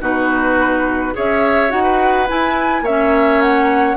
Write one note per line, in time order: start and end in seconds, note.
0.00 1.13 B2
0.00 1.13 D#4
0.00 1.14 F#4
0.00 1.16 B4
1.13 1.71 C#4
1.13 1.69 G#4
1.13 1.83 C#5
1.13 1.71 E5
1.69 2.28 D#4
1.69 2.25 F#4
1.69 2.27 F#5
1.83 2.82 B4
2.28 2.85 E4
2.28 2.81 E4
2.28 2.85 G#5
2.81 3.94 A#3
2.81 3.97 C#5
2.81 3.41 E5
2.88 3.97 C#4
3.41 3.97 F#5